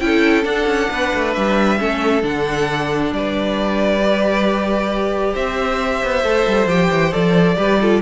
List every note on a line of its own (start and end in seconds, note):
0.00 0.45 C#4
0.00 0.44 E4
0.00 0.44 G5
0.06 0.90 A4
0.44 1.77 D4
0.44 0.66 D4
0.44 1.33 F#5
0.66 0.89 C#4
0.90 1.13 B3
0.90 1.79 B4
1.15 1.37 A3
1.33 1.80 G3
1.33 2.22 E5
1.79 2.23 A3
1.79 2.22 C#4
1.79 3.14 A4
2.22 3.12 D3
2.22 4.00 D4
2.22 3.13 F#5
3.12 5.34 G3
3.12 5.34 B4
3.12 5.35 D5
4.00 6.22 G4
5.34 6.02 C4
5.34 7.56 C5
5.34 6.69 E5
6.04 6.24 B3
6.24 6.46 A3
6.24 6.69 A4
6.47 6.67 G3
6.67 6.89 F3
6.67 7.12 G4
6.67 7.13 G5
6.91 7.13 E3
7.12 7.57 F3
7.12 7.57 A4
7.12 8.01 D5
7.57 8.02 G3
7.57 7.79 G4
7.57 7.80 B4
7.81 8.02 F4
7.81 8.02 A4